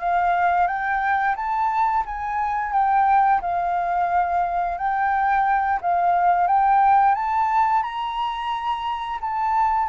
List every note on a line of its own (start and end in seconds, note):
0.00 0.68 F5
0.68 1.36 G5
1.36 2.05 A5
2.06 2.73 G#5
2.73 3.41 G5
3.42 4.78 F5
4.78 5.80 G5
5.82 6.48 F5
6.48 7.15 G5
7.15 7.83 A5
7.83 9.20 A#5
9.21 9.89 A5